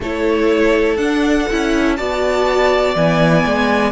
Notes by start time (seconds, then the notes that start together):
0.00 A3 E4 A4 C#5
0.97 D4 F#5
1.50 C#4 E4
1.96 B3 F#4 D5 A5
2.95 E3 B3 G#5
3.45 G#3